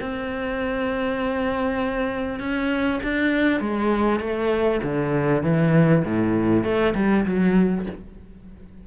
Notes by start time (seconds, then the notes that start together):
0.00 C4
2.39 C#4
3.03 D4
3.60 G#3
4.20 A3
4.82 D3
5.42 E3
6.05 A2
6.63 A3
6.94 G3
7.25 F#3